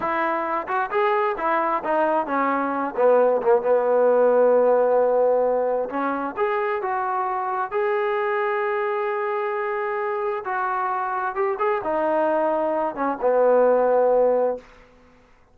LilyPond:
\new Staff \with { instrumentName = "trombone" } { \time 4/4 \tempo 4 = 132 e'4. fis'8 gis'4 e'4 | dis'4 cis'4. b4 ais8 | b1~ | b4 cis'4 gis'4 fis'4~ |
fis'4 gis'2.~ | gis'2. fis'4~ | fis'4 g'8 gis'8 dis'2~ | dis'8 cis'8 b2. | }